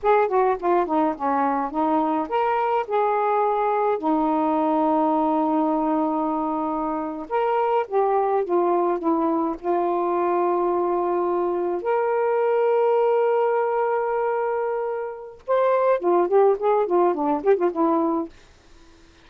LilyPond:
\new Staff \with { instrumentName = "saxophone" } { \time 4/4 \tempo 4 = 105 gis'8 fis'8 f'8 dis'8 cis'4 dis'4 | ais'4 gis'2 dis'4~ | dis'1~ | dis'8. ais'4 g'4 f'4 e'16~ |
e'8. f'2.~ f'16~ | f'8. ais'2.~ ais'16~ | ais'2. c''4 | f'8 g'8 gis'8 f'8 d'8 g'16 f'16 e'4 | }